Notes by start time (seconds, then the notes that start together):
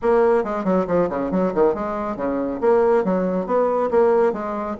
0.02 A#3
0.44 G#3
0.64 F#3
0.87 F3
1.09 C#3
1.31 F#3
1.54 D#3
1.74 G#3
2.16 C#3
2.60 A#3
3.04 F#3
3.46 B3
3.91 A#3
4.32 G#3